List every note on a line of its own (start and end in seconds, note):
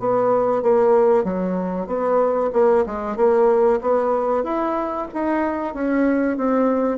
0.00 0.63 B3
0.63 1.24 A#3
1.24 1.87 F#3
1.87 2.51 B3
2.53 2.85 A#3
2.86 3.17 G#3
3.17 3.80 A#3
3.82 4.44 B3
4.44 5.08 E4
5.14 5.74 D#4
5.74 6.37 C#4
6.37 6.98 C4